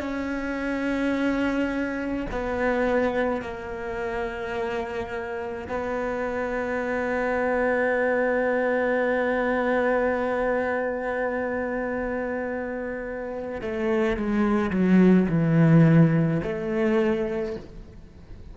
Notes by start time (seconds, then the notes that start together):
0.00 C#4
2.32 B3
3.42 A#3
5.69 B3
13.62 A3
14.17 G#3
14.71 F#3
15.29 E3
16.43 A3